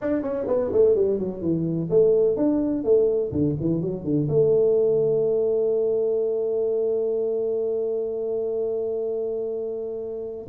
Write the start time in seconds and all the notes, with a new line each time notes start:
0.01 D4
0.22 C#4
0.47 B3
0.72 A3
0.95 G3
1.19 F#3
1.41 E3
1.90 A3
2.36 D4
2.84 A3
3.31 D3
3.60 E3
3.81 F#3
4.04 D3
4.28 A3